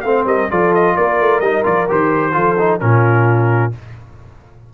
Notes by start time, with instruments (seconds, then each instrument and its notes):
0.00 tuba A3, trombone C4, horn C5, trumpet F5
0.25 tuba G3, horn A#4, trumpet D#5
0.50 tuba F3, trombone F4, horn A4, trumpet D5
0.74 trumpet D#5
0.95 tuba A#3, horn A#4, trumpet D5
1.20 tuba A3
1.40 tuba G3, trombone D#4, trumpet D#5
1.63 tuba F3, trombone F4, trumpet D5
1.88 tuba D#3, trombone G4, trumpet C5
2.32 tuba F3, trombone F4, horn A4
2.58 trombone D#4
2.79 tuba A#2, trombone C#4, horn F4, trumpet A#4